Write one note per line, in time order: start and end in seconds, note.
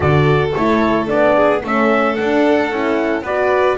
0.00 0.53 D3
0.00 0.52 F#4
0.00 1.35 A4
0.00 0.51 D5
0.53 1.10 A3
0.53 1.06 E4
0.53 1.08 C#5
1.06 1.63 B3
1.06 1.60 D4
1.06 1.63 D5
1.35 1.62 G#4
1.63 2.17 A3
1.63 2.16 C#4
1.63 3.23 A4
1.63 2.15 E5
2.15 2.70 D4
2.15 2.71 D4
2.15 3.23 F#5
2.71 3.21 C#4
2.71 3.25 E4
3.21 3.75 B3
3.21 3.77 F#4
3.21 3.77 B4
3.21 3.77 D5